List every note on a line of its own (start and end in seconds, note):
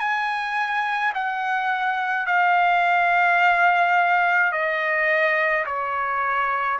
0.00 1.13 G#5
1.15 2.26 F#5
2.26 4.52 F5
4.52 5.66 D#5
5.66 6.79 C#5